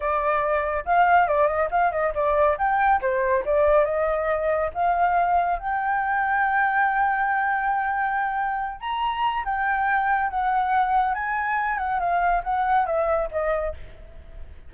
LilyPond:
\new Staff \with { instrumentName = "flute" } { \time 4/4 \tempo 4 = 140 d''2 f''4 d''8 dis''8 | f''8 dis''8 d''4 g''4 c''4 | d''4 dis''2 f''4~ | f''4 g''2.~ |
g''1~ | g''8 ais''4. g''2 | fis''2 gis''4. fis''8 | f''4 fis''4 e''4 dis''4 | }